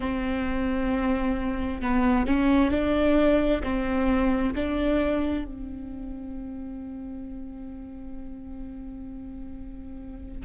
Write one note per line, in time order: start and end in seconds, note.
0.00 1.81 C4
1.81 2.26 B3
2.26 2.70 C#4
2.70 3.61 D4
3.63 4.54 C4
4.55 5.44 D4
5.44 10.44 C4